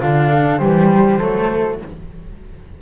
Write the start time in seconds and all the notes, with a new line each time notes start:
0.00 D3 D4 F4 F5
0.30 A4
0.58 E3 G3 G4 C5
1.19 F#3 A3 A4